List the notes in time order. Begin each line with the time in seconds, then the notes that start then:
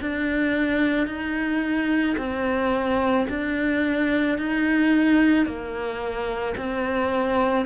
0.00 D4
1.07 D#4
2.17 C4
3.29 D4
4.37 D#4
5.45 A#3
6.57 C4